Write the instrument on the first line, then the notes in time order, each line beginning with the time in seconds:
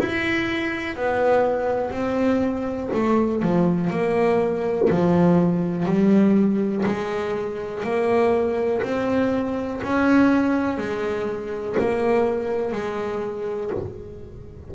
double bass
0.00 E4
0.97 B3
1.91 C4
2.94 A3
3.43 F3
3.91 A#3
4.90 F3
5.86 G3
6.86 G#3
7.84 A#3
8.83 C4
9.84 C#4
10.78 G#3
11.79 A#3
12.73 G#3